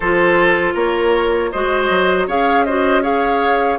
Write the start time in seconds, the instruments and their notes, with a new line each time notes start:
0.00 bassoon F3, clarinet F4, oboe A4, flute C5
0.74 bassoon A#3, oboe A#4, flute C#5
1.51 bassoon G#3, clarinet F#4, oboe C5, flute D#5
1.89 bassoon F#3
2.27 bassoon C#4, clarinet G#4, oboe C#5, flute F5
2.64 clarinet F#4, oboe C5, flute D#5
3.02 clarinet G#4, oboe C#5, flute F5